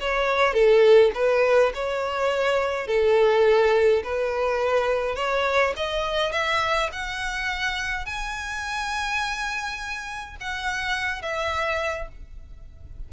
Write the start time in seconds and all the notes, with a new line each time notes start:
0.00 C#5
0.54 A4
1.14 B4
1.74 C#5
2.87 A4
4.03 B4
5.16 C#5
5.76 D#5
6.32 E5
6.92 F#5
8.06 G#5
10.40 F#5
11.22 E5